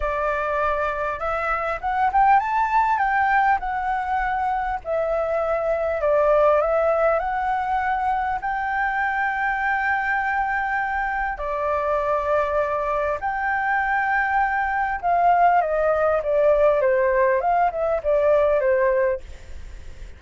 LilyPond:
\new Staff \with { instrumentName = "flute" } { \time 4/4 \tempo 4 = 100 d''2 e''4 fis''8 g''8 | a''4 g''4 fis''2 | e''2 d''4 e''4 | fis''2 g''2~ |
g''2. d''4~ | d''2 g''2~ | g''4 f''4 dis''4 d''4 | c''4 f''8 e''8 d''4 c''4 | }